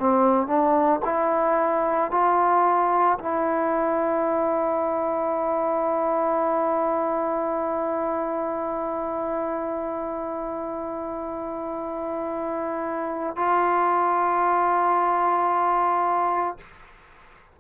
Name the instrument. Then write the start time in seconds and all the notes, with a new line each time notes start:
trombone
0.00 C4
0.47 D4
1.05 E4
2.11 F4
3.19 E4
13.36 F4